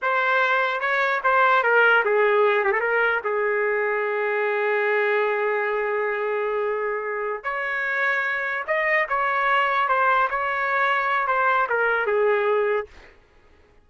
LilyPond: \new Staff \with { instrumentName = "trumpet" } { \time 4/4 \tempo 4 = 149 c''2 cis''4 c''4 | ais'4 gis'4. g'16 a'16 ais'4 | gis'1~ | gis'1~ |
gis'2~ gis'8 cis''4.~ | cis''4. dis''4 cis''4.~ | cis''8 c''4 cis''2~ cis''8 | c''4 ais'4 gis'2 | }